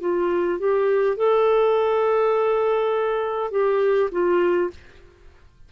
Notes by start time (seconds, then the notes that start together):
0.00 F4
0.59 G4
1.17 A4
3.51 G4
4.11 F4